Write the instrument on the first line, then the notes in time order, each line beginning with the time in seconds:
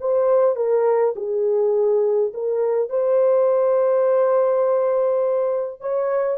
horn
0.00 C5
0.56 A#4
1.16 G#4
2.34 A#4
2.90 C5
5.81 C#5